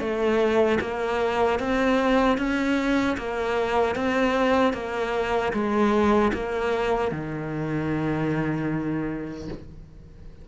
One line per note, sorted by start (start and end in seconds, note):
0.00 0.79 A3
0.81 1.60 A#3
1.60 2.38 C4
2.38 3.17 C#4
3.18 3.96 A#3
3.96 4.74 C4
4.74 5.53 A#3
5.53 6.32 G#3
6.34 7.12 A#3
7.12 9.48 D#3